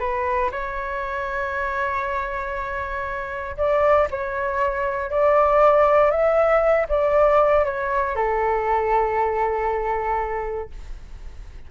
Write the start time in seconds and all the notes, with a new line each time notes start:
0.00 B4
0.52 C#5
3.58 D5
4.11 C#5
5.11 D5
6.11 E5
6.89 D5
7.65 C#5
8.16 A4